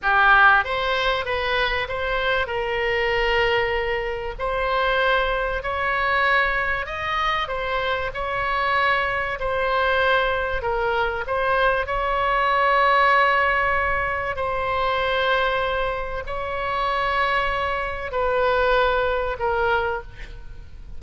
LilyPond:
\new Staff \with { instrumentName = "oboe" } { \time 4/4 \tempo 4 = 96 g'4 c''4 b'4 c''4 | ais'2. c''4~ | c''4 cis''2 dis''4 | c''4 cis''2 c''4~ |
c''4 ais'4 c''4 cis''4~ | cis''2. c''4~ | c''2 cis''2~ | cis''4 b'2 ais'4 | }